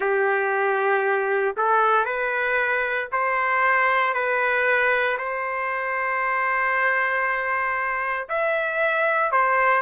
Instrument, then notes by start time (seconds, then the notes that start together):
trumpet
0.00 G4
1.57 A4
2.05 B4
3.12 C5
4.14 B4
5.18 C5
8.29 E5
9.31 C5